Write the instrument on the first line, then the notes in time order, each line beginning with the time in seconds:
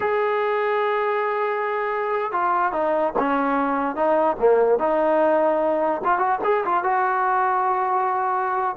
trombone
0.00 G#4
2.32 F4
2.72 D#4
3.18 C#4
3.95 D#4
4.39 A#3
4.79 D#4
6.04 F4
6.18 F#4
6.44 G#4
6.65 F4
6.83 F#4